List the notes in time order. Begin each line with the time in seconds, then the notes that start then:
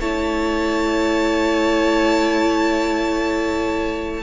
0.00 A3 E4 C#5 A5